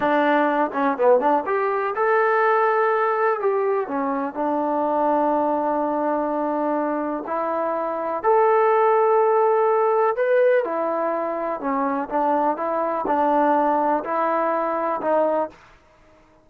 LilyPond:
\new Staff \with { instrumentName = "trombone" } { \time 4/4 \tempo 4 = 124 d'4. cis'8 b8 d'8 g'4 | a'2. g'4 | cis'4 d'2.~ | d'2. e'4~ |
e'4 a'2.~ | a'4 b'4 e'2 | cis'4 d'4 e'4 d'4~ | d'4 e'2 dis'4 | }